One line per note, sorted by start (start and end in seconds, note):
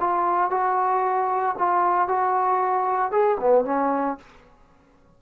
0.00 0.50 F4
0.50 1.56 F#4
1.58 2.08 F4
2.08 3.11 F#4
3.11 3.38 G#4
3.40 3.65 B3
3.65 4.17 C#4